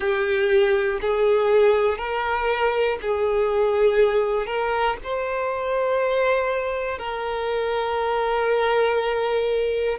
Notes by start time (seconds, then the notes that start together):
0.00 G4
1.00 G#4
1.98 A#4
3.01 G#4
4.46 A#4
5.03 C5
6.98 A#4